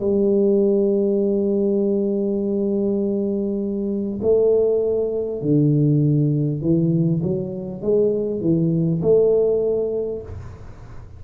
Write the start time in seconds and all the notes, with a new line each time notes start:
0.00 G3
4.22 A3
5.41 D3
6.61 E3
7.22 F#3
7.82 G#3
8.41 E3
9.02 A3